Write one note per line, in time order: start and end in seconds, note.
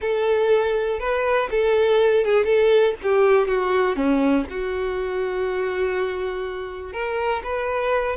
0.01 0.99 A4
0.99 1.49 B4
1.51 2.24 A4
2.24 2.44 G#4
2.44 2.94 A4
3.02 3.47 G4
3.47 3.96 F#4
3.96 4.45 C#4
4.50 6.93 F#4
6.93 7.42 A#4
7.43 8.16 B4